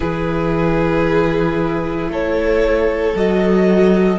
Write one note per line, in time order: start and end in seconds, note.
0.00 2.08 E3
0.00 3.15 E4
0.00 2.10 G#4
0.00 2.10 B4
2.08 3.13 A3
2.08 4.18 A4
2.08 3.16 C#5
3.15 4.18 F#3
3.15 4.18 F#4
3.15 4.18 D#5